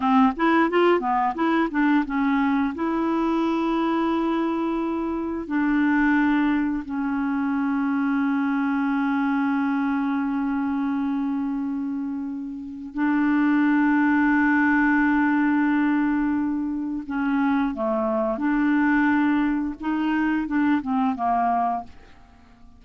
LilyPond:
\new Staff \with { instrumentName = "clarinet" } { \time 4/4 \tempo 4 = 88 c'8 e'8 f'8 b8 e'8 d'8 cis'4 | e'1 | d'2 cis'2~ | cis'1~ |
cis'2. d'4~ | d'1~ | d'4 cis'4 a4 d'4~ | d'4 dis'4 d'8 c'8 ais4 | }